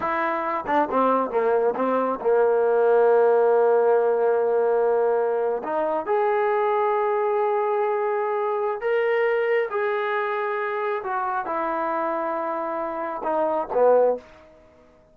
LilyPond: \new Staff \with { instrumentName = "trombone" } { \time 4/4 \tempo 4 = 136 e'4. d'8 c'4 ais4 | c'4 ais2.~ | ais1~ | ais8. dis'4 gis'2~ gis'16~ |
gis'1 | ais'2 gis'2~ | gis'4 fis'4 e'2~ | e'2 dis'4 b4 | }